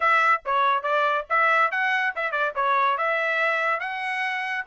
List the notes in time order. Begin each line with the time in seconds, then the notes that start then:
0.00 E5
0.45 C#5
0.82 D5
1.29 E5
1.71 F#5
2.15 E5
2.31 D5
2.55 C#5
2.97 E5
3.80 F#5